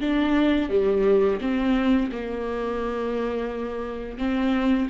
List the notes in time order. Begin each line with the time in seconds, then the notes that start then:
0.00 D4
0.69 G3
1.40 C4
2.12 A#3
4.18 C4